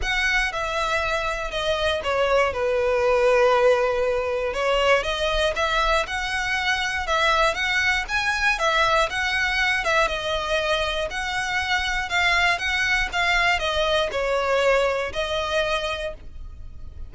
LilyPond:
\new Staff \with { instrumentName = "violin" } { \time 4/4 \tempo 4 = 119 fis''4 e''2 dis''4 | cis''4 b'2.~ | b'4 cis''4 dis''4 e''4 | fis''2 e''4 fis''4 |
gis''4 e''4 fis''4. e''8 | dis''2 fis''2 | f''4 fis''4 f''4 dis''4 | cis''2 dis''2 | }